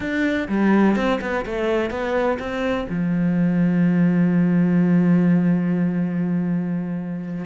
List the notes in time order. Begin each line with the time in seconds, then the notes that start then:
0.00 D4
0.48 G3
0.95 C4
1.21 B3
1.45 A3
1.90 B3
2.39 C4
2.89 F3